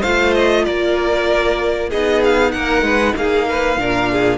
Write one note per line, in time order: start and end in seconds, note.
0.00 0.67 A3
0.00 1.91 F4
0.00 0.62 C5
0.00 0.33 F5
0.34 0.65 D#5
0.65 1.92 A#3
0.65 1.89 A#4
0.65 1.90 D5
1.89 2.54 B3
1.89 3.79 D#4
1.89 2.52 G#4
1.89 2.22 D#5
2.24 2.51 F5
2.51 2.82 A#3
2.51 2.84 A#4
2.51 3.14 F#5
2.82 3.13 G#3
2.82 3.15 B4
3.16 3.76 A#3
3.16 3.48 G#4
3.16 4.38 F5
3.48 3.80 B4
3.76 4.38 A#2
3.76 4.38 D4
3.76 4.12 A#4
4.12 4.38 G#4